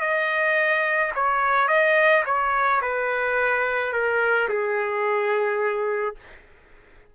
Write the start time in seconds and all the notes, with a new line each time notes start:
0.00 D#5
1.15 C#5
1.68 D#5
2.25 C#5
2.81 B4
3.92 A#4
4.48 G#4